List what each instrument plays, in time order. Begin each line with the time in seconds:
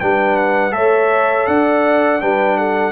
0.00 tuba G3, trombone D4, horn B4, trumpet G5
0.37 trumpet F#5
0.71 tuba A3, trombone A4, horn C#5, trumpet E5
1.47 tuba D4, horn D5, trumpet F#5
2.21 tuba G3, trombone D4, horn B4, trumpet G5
2.58 horn A4, trumpet F#5